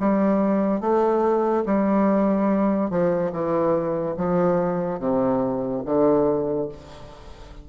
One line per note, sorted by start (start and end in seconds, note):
0.00 0.81 G3
0.81 1.64 A3
1.66 2.91 G3
2.91 3.32 F3
3.33 4.16 E3
4.17 5.00 F3
5.00 5.83 C3
5.86 6.69 D3